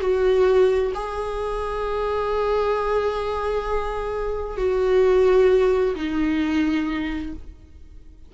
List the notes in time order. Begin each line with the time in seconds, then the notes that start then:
0.00 F#4
0.94 G#4
4.57 F#4
5.95 D#4